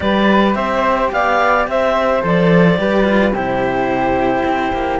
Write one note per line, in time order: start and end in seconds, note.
0.00 0.55 G3
0.00 2.20 G4
0.00 0.56 B4
0.00 0.54 D5
0.54 1.11 C4
0.54 1.11 C5
0.54 1.10 E5
1.12 1.67 B3
1.12 1.69 D5
1.12 1.67 F5
1.67 2.22 C4
1.67 2.79 C5
1.67 2.24 E5
2.21 2.78 F3
2.21 2.77 A4
2.21 3.34 D5
2.77 3.32 G3
2.77 3.03 G4
2.77 3.34 B4
3.03 3.31 F4
3.32 4.43 C3
3.32 5.00 E4
3.32 5.00 G4
3.32 5.00 C5
4.44 4.72 C4
4.72 5.00 A#3